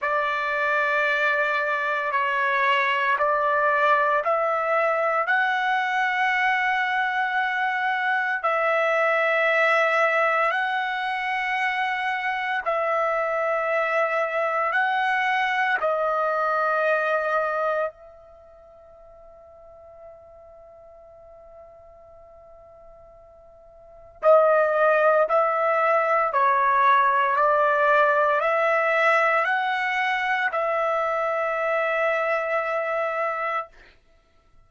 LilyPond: \new Staff \with { instrumentName = "trumpet" } { \time 4/4 \tempo 4 = 57 d''2 cis''4 d''4 | e''4 fis''2. | e''2 fis''2 | e''2 fis''4 dis''4~ |
dis''4 e''2.~ | e''2. dis''4 | e''4 cis''4 d''4 e''4 | fis''4 e''2. | }